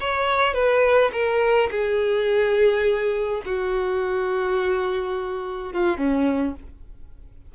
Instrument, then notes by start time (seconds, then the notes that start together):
violin
0.00 C#5
0.54 B4
1.12 A#4
1.71 G#4
3.45 F#4
5.73 F4
5.97 C#4